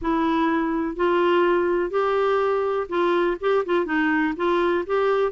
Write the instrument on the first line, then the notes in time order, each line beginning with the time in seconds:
clarinet
0.01 E4
0.96 F4
1.90 G4
2.88 F4
3.40 G4
3.65 F4
3.85 D#4
4.36 F4
4.86 G4